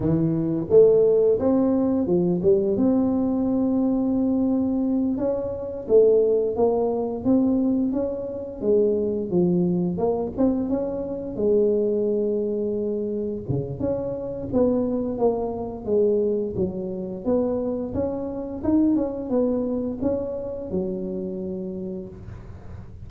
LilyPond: \new Staff \with { instrumentName = "tuba" } { \time 4/4 \tempo 4 = 87 e4 a4 c'4 f8 g8 | c'2.~ c'8 cis'8~ | cis'8 a4 ais4 c'4 cis'8~ | cis'8 gis4 f4 ais8 c'8 cis'8~ |
cis'8 gis2. cis8 | cis'4 b4 ais4 gis4 | fis4 b4 cis'4 dis'8 cis'8 | b4 cis'4 fis2 | }